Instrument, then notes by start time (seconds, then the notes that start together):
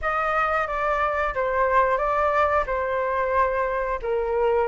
flute
0.02 D#5
0.67 D5
1.34 C5
1.97 D5
2.66 C5
4.02 A#4